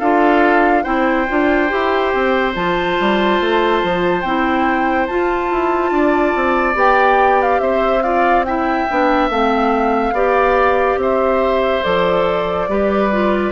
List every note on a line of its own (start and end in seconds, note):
0.00 0.85 D4
0.00 0.84 F4
0.00 0.84 A4
0.00 0.83 F5
0.83 1.28 C4
0.83 1.26 E4
0.83 5.91 C5
0.83 2.52 G5
1.29 1.73 D4
1.29 1.69 F4
1.69 2.14 E4
1.69 2.54 G4
2.14 2.56 C4
2.55 2.98 F3
2.55 4.24 F4
2.55 4.22 A5
3.00 3.40 G3
3.40 3.83 A3
3.83 4.24 F3
4.22 5.08 C4
4.22 5.09 E4
4.22 5.07 G5
5.07 6.74 F4
5.07 5.52 F4
5.07 6.76 A5
5.52 5.92 E4
5.92 6.34 D4
5.92 7.62 D5
6.36 6.75 C4
6.74 7.60 B3
6.74 8.01 G4
6.74 7.42 G5
7.42 7.60 F5
7.60 8.86 C4
7.60 8.04 C5
7.60 8.02 E5
8.02 8.46 F4
8.02 8.46 D5
8.02 8.44 F5
8.45 8.88 E4
8.45 10.15 E5
8.45 9.29 G5
8.90 9.30 B3
8.90 9.31 D4
9.30 10.13 A3
9.30 10.15 C4
9.30 11.00 F5
10.13 10.97 B3
10.13 11.84 G4
10.13 10.99 D5
10.97 11.81 C4
10.97 12.70 C5
10.97 11.84 E5
11.84 12.68 F3
11.84 12.68 A4
11.84 13.53 D5
12.68 13.53 G3
12.68 13.12 G4
12.68 13.53 B4
13.12 13.53 F4